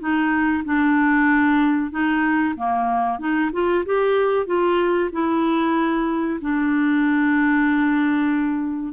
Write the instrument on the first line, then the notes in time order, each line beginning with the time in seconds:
clarinet
0.00 D#4
0.65 D4
1.91 D#4
2.56 A#3
3.19 D#4
3.53 F4
3.86 G4
4.47 F4
5.12 E4
6.41 D4